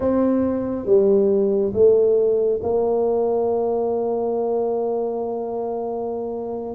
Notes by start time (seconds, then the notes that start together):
0.00 C4
0.85 G3
1.73 A3
2.62 A#3